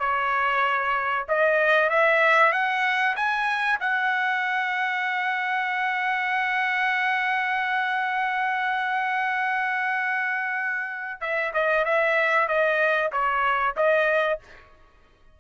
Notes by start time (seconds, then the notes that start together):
0.00 C#5
1.29 D#5
1.90 E5
2.53 F#5
3.17 G#5
3.81 F#5
11.21 E5
11.54 D#5
11.85 E5
12.49 D#5
13.13 C#5
13.77 D#5